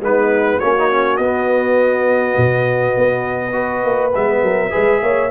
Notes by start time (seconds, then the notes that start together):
0.00 G#3 B3 D#4 B4
0.59 A#3 C#4 F#4 C#5
0.79 D#4
0.91 C#4
1.17 B3 D#5
2.37 B2
2.97 B3
3.52 F#4 B4
3.85 A#3
4.14 G#3 B3 E5
4.42 F#3 A#4
4.70 G#3 G#4 B4
5.02 A#3 C#5